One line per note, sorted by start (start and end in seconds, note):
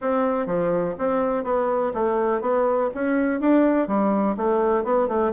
0.01 0.46 C4
0.46 0.95 F3
0.98 1.43 C4
1.43 1.92 B3
1.94 2.41 A3
2.41 2.89 B3
2.94 3.40 C#4
3.40 3.87 D4
3.87 4.36 G3
4.36 4.83 A3
4.83 5.08 B3
5.08 5.32 A3